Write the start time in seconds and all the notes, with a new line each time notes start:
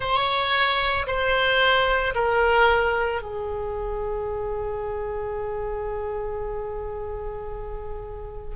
0.00 C#5
1.07 C5
2.14 A#4
3.21 G#4